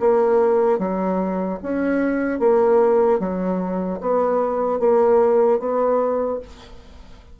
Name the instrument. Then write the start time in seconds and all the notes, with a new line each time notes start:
bassoon
0.00 A#3
0.79 F#3
1.63 C#4
2.40 A#3
3.20 F#3
4.01 B3
4.80 A#3
5.60 B3